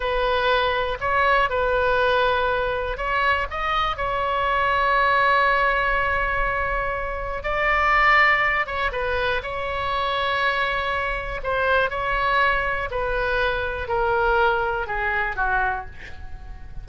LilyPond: \new Staff \with { instrumentName = "oboe" } { \time 4/4 \tempo 4 = 121 b'2 cis''4 b'4~ | b'2 cis''4 dis''4 | cis''1~ | cis''2. d''4~ |
d''4. cis''8 b'4 cis''4~ | cis''2. c''4 | cis''2 b'2 | ais'2 gis'4 fis'4 | }